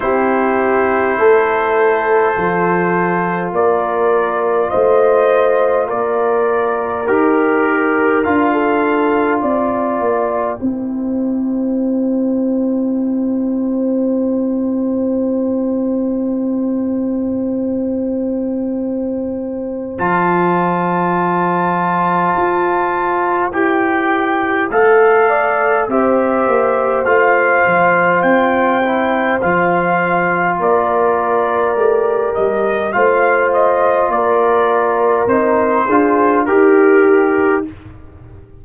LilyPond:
<<
  \new Staff \with { instrumentName = "trumpet" } { \time 4/4 \tempo 4 = 51 c''2. d''4 | dis''4 d''4 ais'4 f''4 | g''1~ | g''1~ |
g''4 a''2. | g''4 f''4 e''4 f''4 | g''4 f''4 d''4. dis''8 | f''8 dis''8 d''4 c''4 ais'4 | }
  \new Staff \with { instrumentName = "horn" } { \time 4/4 g'4 a'2 ais'4 | c''4 ais'2~ ais'16 a'8. | d''4 c''2.~ | c''1~ |
c''1~ | c''4. d''8 c''2~ | c''2 ais'2 | c''4 ais'4. gis'8 g'4 | }
  \new Staff \with { instrumentName = "trombone" } { \time 4/4 e'2 f'2~ | f'2 g'4 f'4~ | f'4 e'2.~ | e'1~ |
e'4 f'2. | g'4 a'4 g'4 f'4~ | f'8 e'8 f'2 g'4 | f'2 dis'8 f'8 g'4 | }
  \new Staff \with { instrumentName = "tuba" } { \time 4/4 c'4 a4 f4 ais4 | a4 ais4 dis'4 d'4 | c'8 ais8 c'2.~ | c'1~ |
c'4 f2 f'4 | e'4 a4 c'8 ais8 a8 f8 | c'4 f4 ais4 a8 g8 | a4 ais4 c'8 d'8 dis'4 | }
>>